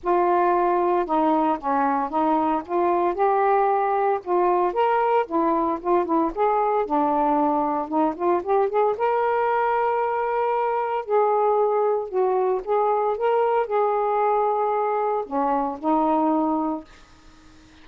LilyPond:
\new Staff \with { instrumentName = "saxophone" } { \time 4/4 \tempo 4 = 114 f'2 dis'4 cis'4 | dis'4 f'4 g'2 | f'4 ais'4 e'4 f'8 e'8 | gis'4 d'2 dis'8 f'8 |
g'8 gis'8 ais'2.~ | ais'4 gis'2 fis'4 | gis'4 ais'4 gis'2~ | gis'4 cis'4 dis'2 | }